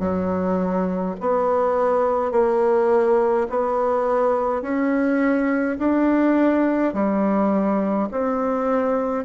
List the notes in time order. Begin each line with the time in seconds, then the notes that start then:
0.00 F#3
1.21 B3
2.32 A#3
3.50 B3
4.62 C#4
5.79 D4
6.94 G3
8.11 C4